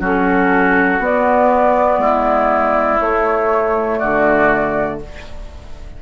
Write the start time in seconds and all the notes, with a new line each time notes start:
0.00 F#3 C#4 F#4 A4
0.99 B3 D5
1.98 G#3 E4
3.00 A3 C#5
3.99 D3 F#4 D5